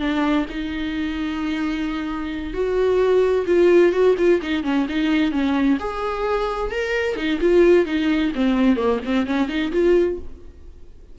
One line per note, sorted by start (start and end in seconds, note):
0.00 0.46 D4
0.50 2.54 D#4
2.54 3.46 F#4
3.47 3.93 F4
3.93 4.16 F#4
4.18 4.41 F4
4.42 4.64 D#4
4.64 4.87 C#4
4.89 5.32 D#4
5.32 5.78 C#4
5.80 6.72 G#4
6.72 7.16 A#4
7.16 7.40 D#4
7.41 7.86 F4
7.86 8.32 D#4
8.35 8.77 C4
8.77 9.00 A#3
9.05 9.27 C4
9.27 9.49 C#4
9.49 9.72 D#4
9.73 10.19 F4